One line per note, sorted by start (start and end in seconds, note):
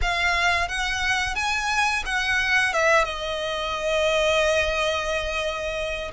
0.01 0.68 F5
0.68 1.35 F#5
1.35 2.03 G#5
2.05 2.73 F#5
2.73 3.04 E5
3.04 6.11 D#5